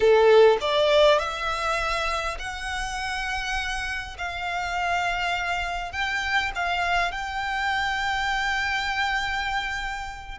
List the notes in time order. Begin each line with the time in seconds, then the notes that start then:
0.00 A4
0.60 D5
1.18 E5
2.38 F#5
4.18 F5
5.92 G5
6.55 F5
7.11 G5